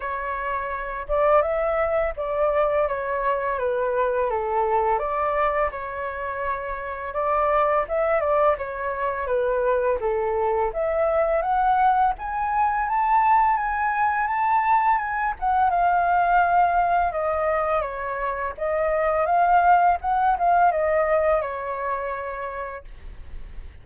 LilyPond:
\new Staff \with { instrumentName = "flute" } { \time 4/4 \tempo 4 = 84 cis''4. d''8 e''4 d''4 | cis''4 b'4 a'4 d''4 | cis''2 d''4 e''8 d''8 | cis''4 b'4 a'4 e''4 |
fis''4 gis''4 a''4 gis''4 | a''4 gis''8 fis''8 f''2 | dis''4 cis''4 dis''4 f''4 | fis''8 f''8 dis''4 cis''2 | }